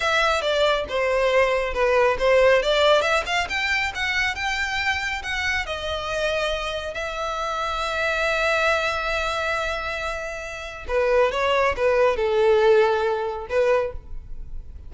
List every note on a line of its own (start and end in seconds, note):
0.00 0.41 E5
0.41 0.85 D5
0.88 1.73 C5
1.73 2.17 B4
2.19 2.62 C5
2.62 3.01 D5
3.01 3.23 E5
3.25 3.47 F5
3.49 3.92 G5
3.94 4.35 F#5
4.35 5.22 G5
5.23 5.66 F#5
5.66 6.93 D#5
6.93 10.85 E5
10.88 11.31 B4
11.31 11.75 C#5
11.76 12.16 B4
12.16 13.46 A4
13.49 13.92 B4